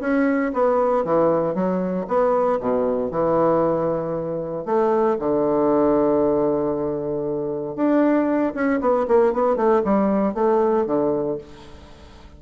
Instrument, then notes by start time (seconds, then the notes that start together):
bassoon
0.00 C#4
0.53 B3
1.04 E3
1.54 F#3
2.07 B3
2.60 B2
3.11 E3
4.65 A3
5.19 D3
7.75 D4
8.54 C#4
8.80 B3
9.07 A#3
9.32 B3
9.56 A3
9.84 G3
10.34 A3
10.86 D3